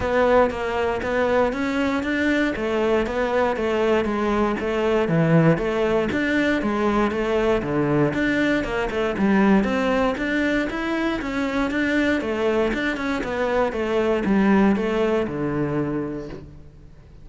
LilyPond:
\new Staff \with { instrumentName = "cello" } { \time 4/4 \tempo 4 = 118 b4 ais4 b4 cis'4 | d'4 a4 b4 a4 | gis4 a4 e4 a4 | d'4 gis4 a4 d4 |
d'4 ais8 a8 g4 c'4 | d'4 e'4 cis'4 d'4 | a4 d'8 cis'8 b4 a4 | g4 a4 d2 | }